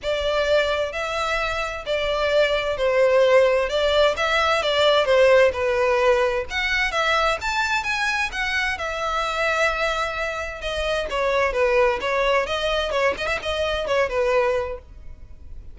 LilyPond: \new Staff \with { instrumentName = "violin" } { \time 4/4 \tempo 4 = 130 d''2 e''2 | d''2 c''2 | d''4 e''4 d''4 c''4 | b'2 fis''4 e''4 |
a''4 gis''4 fis''4 e''4~ | e''2. dis''4 | cis''4 b'4 cis''4 dis''4 | cis''8 dis''16 e''16 dis''4 cis''8 b'4. | }